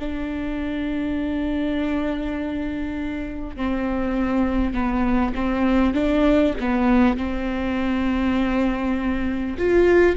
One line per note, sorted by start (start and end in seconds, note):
0.00 3.57 D4
3.57 4.74 C4
4.74 5.34 B3
5.35 5.95 C4
5.95 6.55 D4
6.61 7.17 B3
7.17 9.57 C4
9.58 10.17 F4